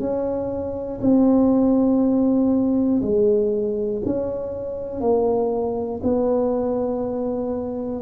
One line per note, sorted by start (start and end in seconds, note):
0.00 1.00 C#4
1.02 3.02 C4
3.02 4.02 G#3
4.06 5.01 C#4
5.01 6.01 A#3
6.03 8.02 B3